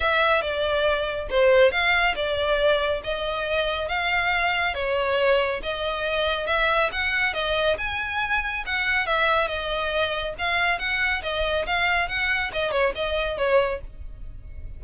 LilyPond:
\new Staff \with { instrumentName = "violin" } { \time 4/4 \tempo 4 = 139 e''4 d''2 c''4 | f''4 d''2 dis''4~ | dis''4 f''2 cis''4~ | cis''4 dis''2 e''4 |
fis''4 dis''4 gis''2 | fis''4 e''4 dis''2 | f''4 fis''4 dis''4 f''4 | fis''4 dis''8 cis''8 dis''4 cis''4 | }